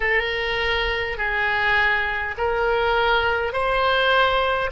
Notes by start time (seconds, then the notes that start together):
0.00 A#4
1.17 G#4
2.37 A#4
3.52 C5